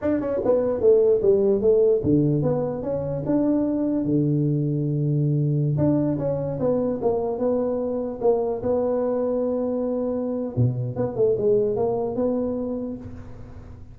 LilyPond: \new Staff \with { instrumentName = "tuba" } { \time 4/4 \tempo 4 = 148 d'8 cis'8 b4 a4 g4 | a4 d4 b4 cis'4 | d'2 d2~ | d2~ d16 d'4 cis'8.~ |
cis'16 b4 ais4 b4.~ b16~ | b16 ais4 b2~ b8.~ | b2 b,4 b8 a8 | gis4 ais4 b2 | }